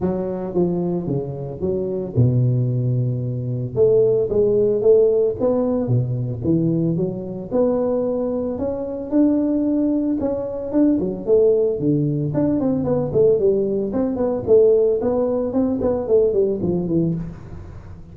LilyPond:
\new Staff \with { instrumentName = "tuba" } { \time 4/4 \tempo 4 = 112 fis4 f4 cis4 fis4 | b,2. a4 | gis4 a4 b4 b,4 | e4 fis4 b2 |
cis'4 d'2 cis'4 | d'8 fis8 a4 d4 d'8 c'8 | b8 a8 g4 c'8 b8 a4 | b4 c'8 b8 a8 g8 f8 e8 | }